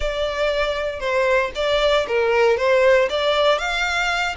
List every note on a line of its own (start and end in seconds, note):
0.00 1.00 D5
1.00 1.51 C5
1.55 2.06 D5
2.07 2.57 A#4
2.57 3.08 C5
3.09 3.58 D5
3.58 4.35 F5